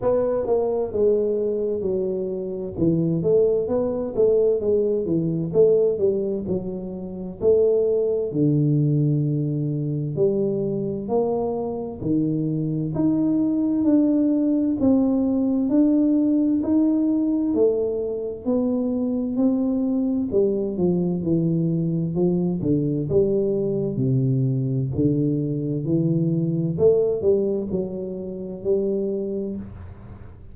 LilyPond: \new Staff \with { instrumentName = "tuba" } { \time 4/4 \tempo 4 = 65 b8 ais8 gis4 fis4 e8 a8 | b8 a8 gis8 e8 a8 g8 fis4 | a4 d2 g4 | ais4 dis4 dis'4 d'4 |
c'4 d'4 dis'4 a4 | b4 c'4 g8 f8 e4 | f8 d8 g4 c4 d4 | e4 a8 g8 fis4 g4 | }